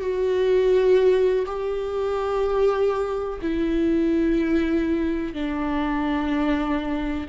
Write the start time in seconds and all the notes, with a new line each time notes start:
0.00 F#4
1.46 G4
3.41 E4
5.34 D4